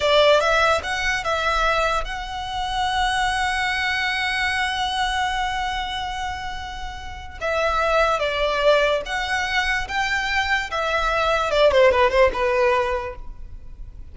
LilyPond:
\new Staff \with { instrumentName = "violin" } { \time 4/4 \tempo 4 = 146 d''4 e''4 fis''4 e''4~ | e''4 fis''2.~ | fis''1~ | fis''1~ |
fis''2 e''2 | d''2 fis''2 | g''2 e''2 | d''8 c''8 b'8 c''8 b'2 | }